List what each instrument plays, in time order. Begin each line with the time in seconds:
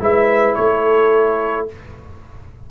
0.00 tuba G#3, trombone E4, horn B4, trumpet E5
0.55 tuba A3, horn A4, trumpet C#5